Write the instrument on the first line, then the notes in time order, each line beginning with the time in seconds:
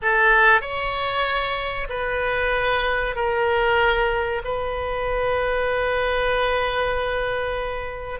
oboe
0.01 A4
0.61 C#5
1.89 B4
3.15 A#4
4.44 B4